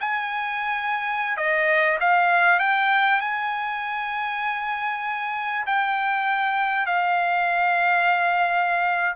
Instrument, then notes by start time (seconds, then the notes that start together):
trumpet
0.00 G#5
1.37 D#5
2.00 F5
2.60 G5
3.21 G#5
5.66 G5
6.86 F5